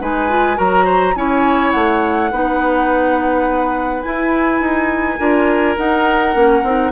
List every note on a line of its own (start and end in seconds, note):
0.00 0.58 G#3
0.00 0.29 D#4
0.00 0.57 B4
0.00 0.58 G#5
0.29 0.55 F4
0.55 1.15 F#3
0.55 1.13 F#4
0.55 0.85 A#4
0.55 1.15 A#5
0.85 1.13 C5
1.15 1.73 C#4
1.15 2.31 E4
1.15 2.31 C#5
1.15 1.71 G#5
1.71 2.32 A3
1.71 4.02 F#5
2.31 4.05 B3
2.31 4.03 D#4
2.31 5.19 B4
4.02 5.18 E4
4.02 4.61 E4
4.02 5.75 G#5
4.61 5.18 D#4
5.18 5.77 D4
5.18 5.76 F4
5.18 6.92 A#4
5.76 6.34 D#4
5.76 6.35 D#4
5.76 6.92 F#5
6.34 6.63 A#3
6.34 6.63 C#4
6.63 6.92 C4
6.63 6.92 D#4